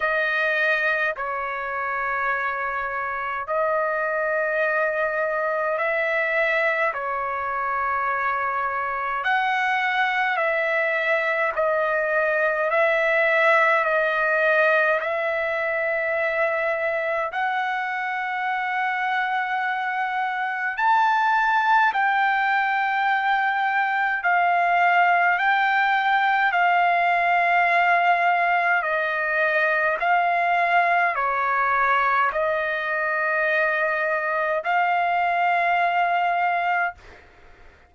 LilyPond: \new Staff \with { instrumentName = "trumpet" } { \time 4/4 \tempo 4 = 52 dis''4 cis''2 dis''4~ | dis''4 e''4 cis''2 | fis''4 e''4 dis''4 e''4 | dis''4 e''2 fis''4~ |
fis''2 a''4 g''4~ | g''4 f''4 g''4 f''4~ | f''4 dis''4 f''4 cis''4 | dis''2 f''2 | }